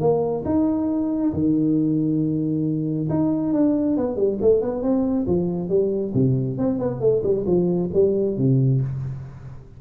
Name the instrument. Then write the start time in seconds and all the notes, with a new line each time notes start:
tuba
0.00 A#3
0.46 D#4
1.33 D#3
3.10 D#4
3.53 D4
3.97 B3
4.16 G3
4.42 A3
4.62 B3
4.83 C4
5.27 F3
5.69 G3
6.14 C3
6.58 C4
6.79 B3
7.01 A3
7.24 G3
7.47 F3
7.94 G3
8.37 C3